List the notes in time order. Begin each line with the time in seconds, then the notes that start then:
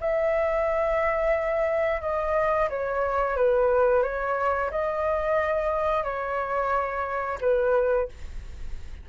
0.00 E5
2.01 D#5
2.70 C#5
3.36 B4
4.03 C#5
4.70 D#5
6.03 C#5
7.41 B4